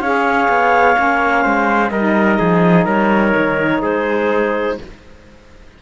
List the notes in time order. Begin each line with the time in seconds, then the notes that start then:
0.00 C#4 G#4 C#5 F5
0.48 B3
0.95 A#3 C#4
1.42 G#3 C5
1.89 G3 A#4 D#5
1.96 D#4
2.38 F3 G#4
2.85 G3 A#4 C#5
3.37 D#3
3.82 G#3 G#4 C5